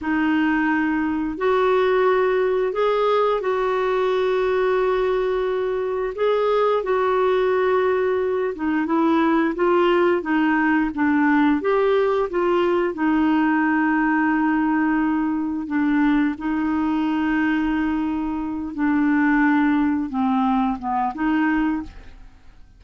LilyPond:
\new Staff \with { instrumentName = "clarinet" } { \time 4/4 \tempo 4 = 88 dis'2 fis'2 | gis'4 fis'2.~ | fis'4 gis'4 fis'2~ | fis'8 dis'8 e'4 f'4 dis'4 |
d'4 g'4 f'4 dis'4~ | dis'2. d'4 | dis'2.~ dis'8 d'8~ | d'4. c'4 b8 dis'4 | }